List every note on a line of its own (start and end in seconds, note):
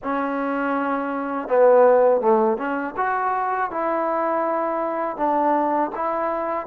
0.03 1.48 C#4
1.48 2.20 B3
2.20 2.57 A3
2.57 2.94 C#4
2.96 3.70 F#4
3.70 5.16 E4
5.16 5.91 D4
5.95 6.66 E4